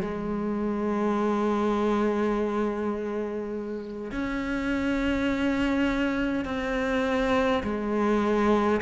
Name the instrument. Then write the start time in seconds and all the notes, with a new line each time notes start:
cello
0.00 G#3
4.11 C#4
6.45 C4
7.63 G#3